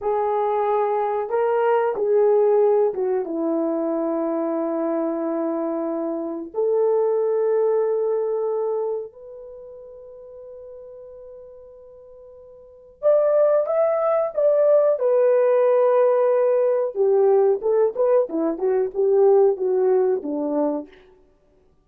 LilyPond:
\new Staff \with { instrumentName = "horn" } { \time 4/4 \tempo 4 = 92 gis'2 ais'4 gis'4~ | gis'8 fis'8 e'2.~ | e'2 a'2~ | a'2 b'2~ |
b'1 | d''4 e''4 d''4 b'4~ | b'2 g'4 a'8 b'8 | e'8 fis'8 g'4 fis'4 d'4 | }